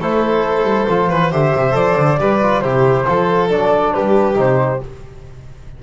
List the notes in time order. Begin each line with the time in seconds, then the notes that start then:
0.00 A3 E4 A4 C5
0.63 G3
0.88 F3 F4
1.10 E3 B4
1.31 D3 G4 C5 E5
1.55 C3
1.72 F3 A4 D5
1.96 D3
2.19 G3 G4 B4
2.42 F4
2.61 C3 E4 G4 C5
3.06 F3 F4 A4
3.50 F#3 D4 D5
3.93 G3 G4 B4
4.35 C3 D#4 C5